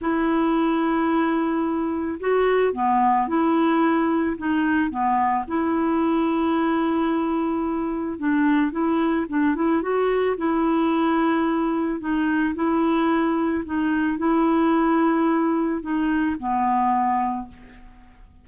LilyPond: \new Staff \with { instrumentName = "clarinet" } { \time 4/4 \tempo 4 = 110 e'1 | fis'4 b4 e'2 | dis'4 b4 e'2~ | e'2. d'4 |
e'4 d'8 e'8 fis'4 e'4~ | e'2 dis'4 e'4~ | e'4 dis'4 e'2~ | e'4 dis'4 b2 | }